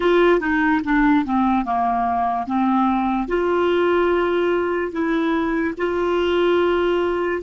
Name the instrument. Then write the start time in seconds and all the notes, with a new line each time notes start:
clarinet
0.00 F4
0.40 D#4
0.84 D4
1.25 C4
1.65 A#3
2.46 C4
3.28 F4
4.92 E4
5.77 F4